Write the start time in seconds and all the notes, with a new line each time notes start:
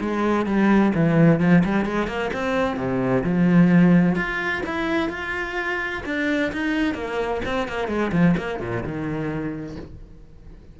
0.00 G#3
0.45 G3
0.95 E3
1.40 F3
1.64 G3
1.85 G#3
2.07 A#3
2.33 C4
2.77 C3
3.23 F3
4.15 F4
4.66 E4
5.09 F4
6.05 D4
6.52 D#4
6.94 A#3
7.45 C4
7.67 A#3
7.88 G#3
8.12 F3
8.37 A#3
8.59 A#2
8.83 D#3